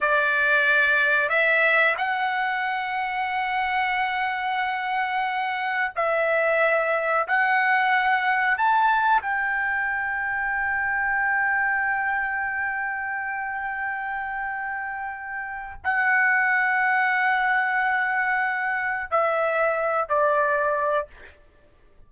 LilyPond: \new Staff \with { instrumentName = "trumpet" } { \time 4/4 \tempo 4 = 91 d''2 e''4 fis''4~ | fis''1~ | fis''4 e''2 fis''4~ | fis''4 a''4 g''2~ |
g''1~ | g''1 | fis''1~ | fis''4 e''4. d''4. | }